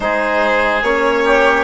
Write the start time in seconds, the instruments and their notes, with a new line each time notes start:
0.00 bassoon G#3, trombone D#4, oboe G#4, violin C5
0.82 bassoon A#3, trombone C#4, violin C#5
1.24 oboe G4